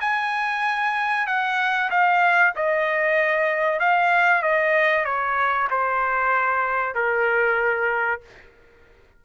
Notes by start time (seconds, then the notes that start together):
0.00 G#5
1.26 F#5
1.90 F5
2.55 D#5
3.79 F5
4.42 D#5
5.04 C#5
5.70 C5
6.94 A#4